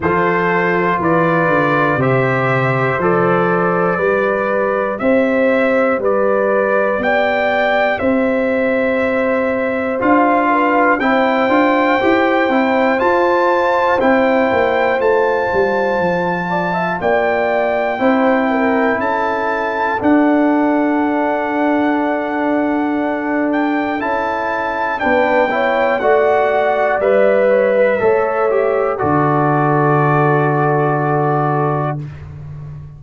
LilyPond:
<<
  \new Staff \with { instrumentName = "trumpet" } { \time 4/4 \tempo 4 = 60 c''4 d''4 e''4 d''4~ | d''4 e''4 d''4 g''4 | e''2 f''4 g''4~ | g''4 a''4 g''4 a''4~ |
a''4 g''2 a''4 | fis''2.~ fis''8 g''8 | a''4 g''4 fis''4 e''4~ | e''4 d''2. | }
  \new Staff \with { instrumentName = "horn" } { \time 4/4 a'4 b'4 c''2 | b'4 c''4 b'4 d''4 | c''2~ c''8 b'8 c''4~ | c''1~ |
c''8 d''16 e''16 d''4 c''8 ais'8 a'4~ | a'1~ | a'4 b'8 cis''8 d''4. cis''16 b'16 | cis''4 a'2. | }
  \new Staff \with { instrumentName = "trombone" } { \time 4/4 f'2 g'4 a'4 | g'1~ | g'2 f'4 e'8 f'8 | g'8 e'8 f'4 e'4 f'4~ |
f'2 e'2 | d'1 | e'4 d'8 e'8 fis'4 b'4 | a'8 g'8 fis'2. | }
  \new Staff \with { instrumentName = "tuba" } { \time 4/4 f4 e8 d8 c4 f4 | g4 c'4 g4 b4 | c'2 d'4 c'8 d'8 | e'8 c'8 f'4 c'8 ais8 a8 g8 |
f4 ais4 c'4 cis'4 | d'1 | cis'4 b4 a4 g4 | a4 d2. | }
>>